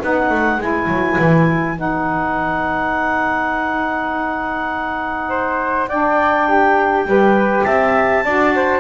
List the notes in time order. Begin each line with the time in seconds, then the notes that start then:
0.00 B3 D#4 B4 F#5
0.30 A3
0.58 G#3 E4 G#5
0.87 F#3
1.19 E3
1.76 B3 D#4 F#5
5.29 C5
5.88 D4 D5 G5
6.48 G4
7.06 G3 G4 B4
7.64 C4 E5 A5
8.25 D4 F#4 D5
8.55 C5